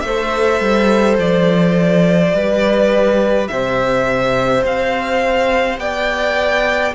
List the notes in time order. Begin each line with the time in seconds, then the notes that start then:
0.00 A3 C5 E5
0.08 A4
0.61 G3
1.18 F3 D5
2.33 G3 G4 B4
3.48 C3 C5 E5
4.64 C4 F5
5.78 B3 D5 G5